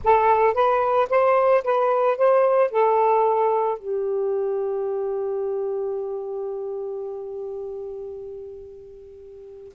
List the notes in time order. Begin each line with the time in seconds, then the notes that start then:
0.03 A4
0.54 B4
1.09 C5
1.64 B4
2.17 C5
2.70 A4
3.78 G4